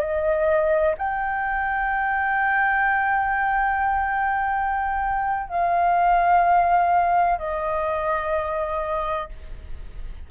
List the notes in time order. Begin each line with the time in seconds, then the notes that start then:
0.00 D#5
0.98 G5
5.48 F5
7.39 D#5